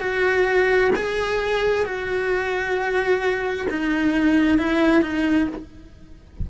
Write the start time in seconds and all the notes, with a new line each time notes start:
0.00 F#4
0.95 G#4
1.85 F#4
3.69 D#4
4.58 E4
5.02 D#4